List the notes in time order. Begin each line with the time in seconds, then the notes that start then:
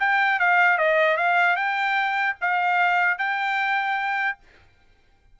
0.00 G5
0.40 F5
0.78 D#5
1.17 F5
1.57 G5
2.41 F5
3.19 G5